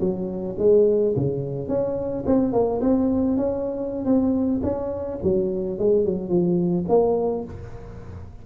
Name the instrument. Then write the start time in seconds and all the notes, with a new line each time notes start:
tuba
0.00 F#3
0.58 G#3
1.16 C#3
1.68 C#4
2.26 C4
2.53 A#3
2.81 C4
3.37 C#4
4.05 C4
4.63 C#4
5.23 F#3
5.79 G#3
6.05 F#3
6.29 F3
6.89 A#3